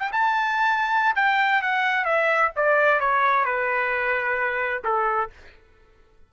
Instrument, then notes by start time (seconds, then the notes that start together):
trumpet
0.00 G5
0.12 A5
1.16 G5
1.62 F#5
2.05 E5
2.56 D5
3.00 C#5
3.45 B4
4.84 A4